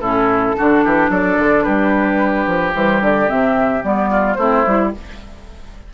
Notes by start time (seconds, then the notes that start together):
0.00 A2 C#4 E4 A4
0.57 D3 D4 F#4
0.84 E3 G4
1.09 F#3 A4 D5
1.39 D3
1.63 G3 G4 B4
2.47 F3
2.73 E3 G3 C5
3.01 D3 D5
3.28 C3 C4 E5
3.83 G3 B3 D5
4.10 F4
4.34 A3 C4 E4 C5
4.66 G3 E4